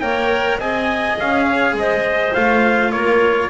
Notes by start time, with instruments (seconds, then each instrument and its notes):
0.00 double bass A#3, cello A#4, clarinet C#5, trumpet G5
0.58 double bass C4, cello G#4, clarinet D#5, trumpet G#5
1.19 double bass C#4, trumpet F5
1.45 clarinet C#5
1.73 double bass G#3, clarinet C5, trumpet D#5
2.34 double bass A3, cello F4, trumpet F5
2.92 double bass A#3, clarinet A#4, trumpet C#5